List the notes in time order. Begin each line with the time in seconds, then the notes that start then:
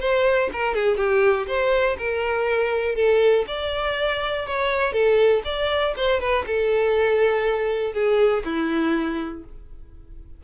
0.00 C5
0.52 A#4
0.74 G#4
0.97 G4
1.47 C5
1.98 A#4
2.95 A4
3.47 D5
4.47 C#5
4.92 A4
5.45 D5
5.96 C5
6.20 B4
6.46 A4
7.93 G#4
8.45 E4